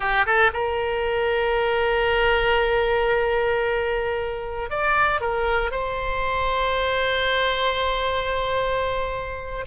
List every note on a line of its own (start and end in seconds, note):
0.00 0.25 G4
0.25 0.51 A4
0.53 4.70 A#4
4.70 5.20 D5
5.20 5.71 A#4
5.71 9.65 C5